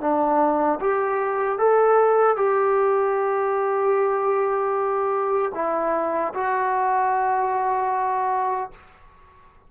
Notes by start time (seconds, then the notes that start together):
0.00 D4
0.80 G4
1.58 A4
2.36 G4
5.54 E4
6.34 F#4